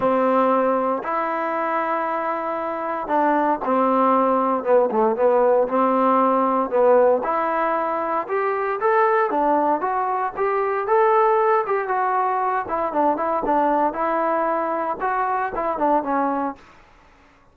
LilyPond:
\new Staff \with { instrumentName = "trombone" } { \time 4/4 \tempo 4 = 116 c'2 e'2~ | e'2 d'4 c'4~ | c'4 b8 a8 b4 c'4~ | c'4 b4 e'2 |
g'4 a'4 d'4 fis'4 | g'4 a'4. g'8 fis'4~ | fis'8 e'8 d'8 e'8 d'4 e'4~ | e'4 fis'4 e'8 d'8 cis'4 | }